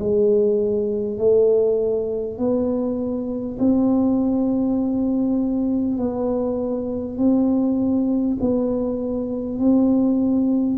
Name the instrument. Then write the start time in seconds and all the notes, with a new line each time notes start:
tuba
0.00 G#3
1.19 A3
2.38 B3
3.59 C4
5.98 B3
7.18 C4
8.41 B3
9.59 C4